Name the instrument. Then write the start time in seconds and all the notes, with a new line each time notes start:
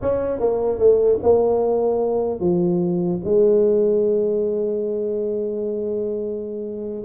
tuba
0.01 C#4
0.39 A#3
0.78 A3
1.22 A#3
2.40 F3
3.24 G#3